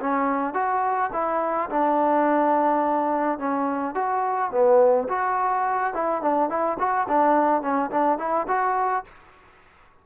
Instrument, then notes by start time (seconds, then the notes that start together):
trombone
0.00 C#4
0.54 F#4
1.12 E4
1.69 D4
3.38 C#4
3.94 F#4
4.51 B3
5.08 F#4
5.94 E4
6.21 D4
6.49 E4
6.78 F#4
7.08 D4
7.61 C#4
7.90 D4
8.18 E4
8.48 F#4